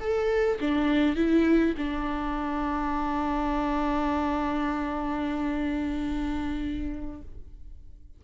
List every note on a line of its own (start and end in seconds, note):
0.00 0.59 A4
0.61 1.16 D4
1.16 1.75 E4
1.78 7.22 D4